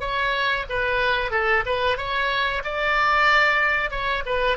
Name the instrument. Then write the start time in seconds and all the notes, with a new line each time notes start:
oboe
0.00 C#5
0.69 B4
1.31 A4
1.66 B4
1.97 C#5
2.64 D5
3.91 C#5
4.26 B4